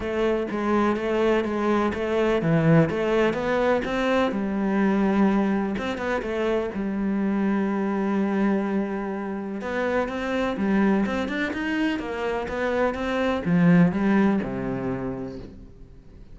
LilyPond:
\new Staff \with { instrumentName = "cello" } { \time 4/4 \tempo 4 = 125 a4 gis4 a4 gis4 | a4 e4 a4 b4 | c'4 g2. | c'8 b8 a4 g2~ |
g1 | b4 c'4 g4 c'8 d'8 | dis'4 ais4 b4 c'4 | f4 g4 c2 | }